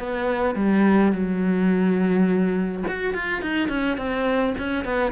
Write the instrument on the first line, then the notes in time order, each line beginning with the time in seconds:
cello
0.00 B3
0.55 G3
1.13 F#3
2.88 F#4
3.14 F4
3.42 D#4
3.69 C#4
3.98 C4
4.59 C#4
4.85 B3